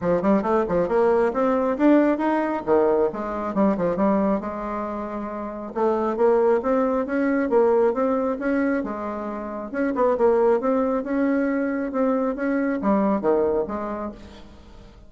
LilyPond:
\new Staff \with { instrumentName = "bassoon" } { \time 4/4 \tempo 4 = 136 f8 g8 a8 f8 ais4 c'4 | d'4 dis'4 dis4 gis4 | g8 f8 g4 gis2~ | gis4 a4 ais4 c'4 |
cis'4 ais4 c'4 cis'4 | gis2 cis'8 b8 ais4 | c'4 cis'2 c'4 | cis'4 g4 dis4 gis4 | }